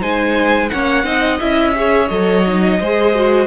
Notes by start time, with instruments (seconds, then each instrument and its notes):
0.00 cello G#3, viola D#4, violin C5 G#5
0.69 cello A#3, viola C#4, violin C#5 F#5
1.04 cello C4, viola D#4, violin D#5
1.40 cello C#4, viola E4, violin E5
1.75 viola G#4, violin C#5
2.08 cello F#3, viola A4, violin D#5
2.46 viola D#4
2.79 cello G#3, viola G#4, violin C5
3.15 viola F#4